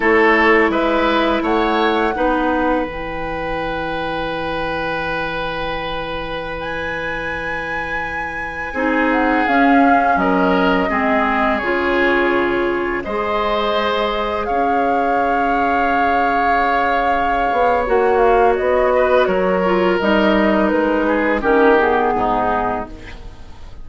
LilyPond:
<<
  \new Staff \with { instrumentName = "flute" } { \time 4/4 \tempo 4 = 84 cis''4 e''4 fis''2 | g''1~ | g''4~ g''16 gis''2~ gis''8.~ | gis''8. fis''8 f''4 dis''4.~ dis''16~ |
dis''16 cis''2 dis''4.~ dis''16~ | dis''16 f''2.~ f''8.~ | f''4 fis''8 f''8 dis''4 cis''4 | dis''4 b'4 ais'8 gis'4. | }
  \new Staff \with { instrumentName = "oboe" } { \time 4/4 a'4 b'4 cis''4 b'4~ | b'1~ | b'1~ | b'16 gis'2 ais'4 gis'8.~ |
gis'2~ gis'16 c''4.~ c''16~ | c''16 cis''2.~ cis''8.~ | cis''2~ cis''8 b'8 ais'4~ | ais'4. gis'8 g'4 dis'4 | }
  \new Staff \with { instrumentName = "clarinet" } { \time 4/4 e'2. dis'4 | e'1~ | e'1~ | e'16 dis'4 cis'2 c'8.~ |
c'16 f'2 gis'4.~ gis'16~ | gis'1~ | gis'4 fis'2~ fis'8 f'8 | dis'2 cis'8 b4. | }
  \new Staff \with { instrumentName = "bassoon" } { \time 4/4 a4 gis4 a4 b4 | e1~ | e1~ | e16 c'4 cis'4 fis4 gis8.~ |
gis16 cis2 gis4.~ gis16~ | gis16 cis'2.~ cis'8.~ | cis'8 b8 ais4 b4 fis4 | g4 gis4 dis4 gis,4 | }
>>